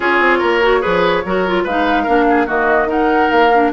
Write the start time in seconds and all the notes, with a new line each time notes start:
0.00 C#4 F4 G#4 C#5
0.19 C4
0.38 A#3 A#4
0.62 F#4
0.81 F3 G#4 B4
1.25 F#3 F#4 A#4
1.47 F4
1.63 G#3 D#4 B4 F5
2.03 A#3 D4 A#4
2.30 G#4
2.46 D#3 A#3 F#4 D#5
2.87 D#4 A#4 F#5
3.30 A#3 F5
3.54 D4